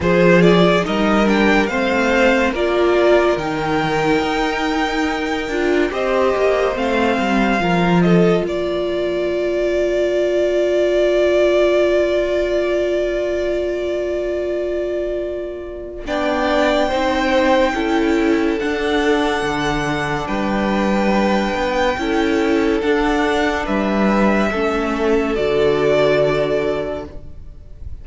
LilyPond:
<<
  \new Staff \with { instrumentName = "violin" } { \time 4/4 \tempo 4 = 71 c''8 d''8 dis''8 g''8 f''4 d''4 | g''2. dis''4 | f''4. dis''8 d''2~ | d''1~ |
d''2. g''4~ | g''2 fis''2 | g''2. fis''4 | e''2 d''2 | }
  \new Staff \with { instrumentName = "violin" } { \time 4/4 gis'4 ais'4 c''4 ais'4~ | ais'2. c''4~ | c''4 ais'8 a'8 ais'2~ | ais'1~ |
ais'2. d''4 | c''4 a'2. | b'2 a'2 | b'4 a'2. | }
  \new Staff \with { instrumentName = "viola" } { \time 4/4 f'4 dis'8 d'8 c'4 f'4 | dis'2~ dis'8 f'8 g'4 | c'4 f'2.~ | f'1~ |
f'2. d'4 | dis'4 e'4 d'2~ | d'2 e'4 d'4~ | d'4 cis'4 fis'2 | }
  \new Staff \with { instrumentName = "cello" } { \time 4/4 f4 g4 a4 ais4 | dis4 dis'4. d'8 c'8 ais8 | a8 g8 f4 ais2~ | ais1~ |
ais2. b4 | c'4 cis'4 d'4 d4 | g4. b8 cis'4 d'4 | g4 a4 d2 | }
>>